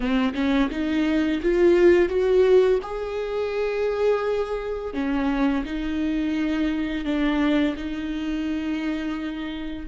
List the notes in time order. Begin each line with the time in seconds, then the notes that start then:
0.00 C4
0.34 C#4
0.70 D#4
1.42 F4
2.08 F#4
2.82 G#4
4.93 C#4
5.65 D#4
7.04 D4
7.76 D#4